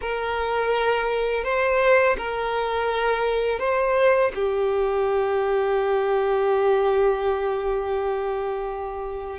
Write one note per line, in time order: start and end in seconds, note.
0.01 1.44 A#4
1.44 2.16 C5
2.17 3.59 A#4
3.59 4.31 C5
4.34 9.39 G4